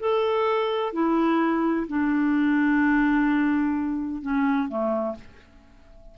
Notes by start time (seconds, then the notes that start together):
0.00 A4
0.93 E4
1.88 D4
4.23 C#4
4.69 A3